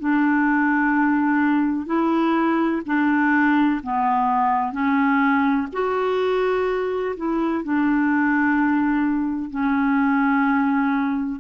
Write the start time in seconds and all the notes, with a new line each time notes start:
0.00 D4
1.87 E4
2.86 D4
3.83 B3
4.73 C#4
5.73 F#4
7.17 E4
7.64 D4
9.51 C#4